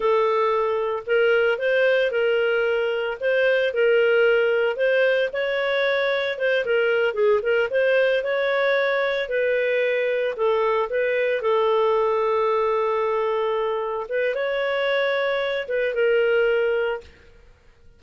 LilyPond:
\new Staff \with { instrumentName = "clarinet" } { \time 4/4 \tempo 4 = 113 a'2 ais'4 c''4 | ais'2 c''4 ais'4~ | ais'4 c''4 cis''2 | c''8 ais'4 gis'8 ais'8 c''4 cis''8~ |
cis''4. b'2 a'8~ | a'8 b'4 a'2~ a'8~ | a'2~ a'8 b'8 cis''4~ | cis''4. b'8 ais'2 | }